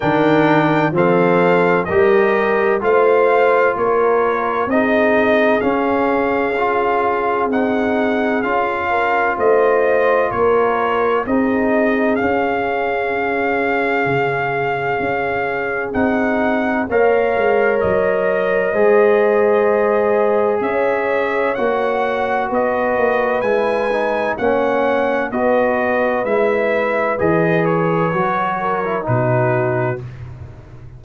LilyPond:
<<
  \new Staff \with { instrumentName = "trumpet" } { \time 4/4 \tempo 4 = 64 g''4 f''4 dis''4 f''4 | cis''4 dis''4 f''2 | fis''4 f''4 dis''4 cis''4 | dis''4 f''2.~ |
f''4 fis''4 f''4 dis''4~ | dis''2 e''4 fis''4 | dis''4 gis''4 fis''4 dis''4 | e''4 dis''8 cis''4. b'4 | }
  \new Staff \with { instrumentName = "horn" } { \time 4/4 ais'4 a'4 ais'4 c''4 | ais'4 gis'2.~ | gis'4. ais'8 c''4 ais'4 | gis'1~ |
gis'2 cis''2 | c''2 cis''2 | b'2 cis''4 b'4~ | b'2~ b'8 ais'8 fis'4 | }
  \new Staff \with { instrumentName = "trombone" } { \time 4/4 d'4 c'4 g'4 f'4~ | f'4 dis'4 cis'4 f'4 | dis'4 f'2. | dis'4 cis'2.~ |
cis'4 dis'4 ais'2 | gis'2. fis'4~ | fis'4 e'8 dis'8 cis'4 fis'4 | e'4 gis'4 fis'8. e'16 dis'4 | }
  \new Staff \with { instrumentName = "tuba" } { \time 4/4 dis4 f4 g4 a4 | ais4 c'4 cis'2 | c'4 cis'4 a4 ais4 | c'4 cis'2 cis4 |
cis'4 c'4 ais8 gis8 fis4 | gis2 cis'4 ais4 | b8 ais8 gis4 ais4 b4 | gis4 e4 fis4 b,4 | }
>>